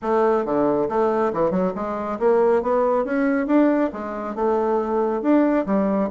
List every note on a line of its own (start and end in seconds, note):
0.02 0.45 A3
0.45 0.88 D3
0.88 1.32 A3
1.33 1.50 E3
1.50 1.72 F#3
1.75 2.18 G#3
2.19 2.62 A#3
2.62 3.04 B3
3.04 3.47 C#4
3.47 3.90 D4
3.92 4.35 G#3
4.35 5.22 A3
5.22 5.65 D4
5.66 6.09 G3